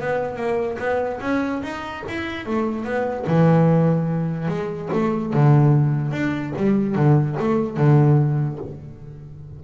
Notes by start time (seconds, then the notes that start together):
0.00 B3
0.36 A#3
0.78 B3
1.21 C#4
1.63 D#4
2.08 E4
2.46 A3
2.84 B3
3.27 E3
4.48 G#3
4.93 A3
5.33 D3
6.12 D4
6.56 G3
6.95 D3
7.39 A3
7.77 D3